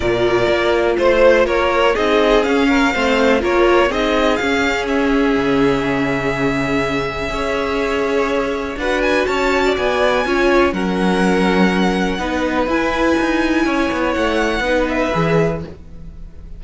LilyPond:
<<
  \new Staff \with { instrumentName = "violin" } { \time 4/4 \tempo 4 = 123 d''2 c''4 cis''4 | dis''4 f''2 cis''4 | dis''4 f''4 e''2~ | e''1~ |
e''2 fis''8 gis''8 a''4 | gis''2 fis''2~ | fis''2 gis''2~ | gis''4 fis''4. e''4. | }
  \new Staff \with { instrumentName = "violin" } { \time 4/4 ais'2 c''4 ais'4 | gis'4. ais'8 c''4 ais'4 | gis'1~ | gis'2. cis''4~ |
cis''2 b'4 cis''8. d''16~ | d''4 cis''4 ais'2~ | ais'4 b'2. | cis''2 b'2 | }
  \new Staff \with { instrumentName = "viola" } { \time 4/4 f'1 | dis'4 cis'4 c'4 f'4 | dis'4 cis'2.~ | cis'2. gis'4~ |
gis'2 fis'2~ | fis'4 f'4 cis'2~ | cis'4 dis'4 e'2~ | e'2 dis'4 gis'4 | }
  \new Staff \with { instrumentName = "cello" } { \time 4/4 ais,4 ais4 a4 ais4 | c'4 cis'4 a4 ais4 | c'4 cis'2 cis4~ | cis2. cis'4~ |
cis'2 d'4 cis'4 | b4 cis'4 fis2~ | fis4 b4 e'4 dis'4 | cis'8 b8 a4 b4 e4 | }
>>